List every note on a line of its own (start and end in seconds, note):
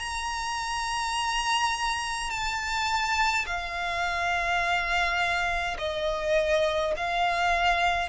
0.00 2.31 A#5
2.31 3.46 A5
3.47 5.77 F5
5.78 6.94 D#5
6.97 8.09 F5